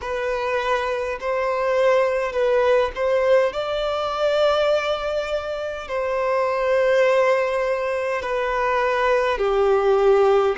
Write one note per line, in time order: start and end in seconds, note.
0.01 1.18 B4
1.20 2.32 C5
2.32 2.91 B4
2.95 3.52 C5
3.52 5.88 D5
5.88 8.21 C5
8.21 9.37 B4
9.37 10.55 G4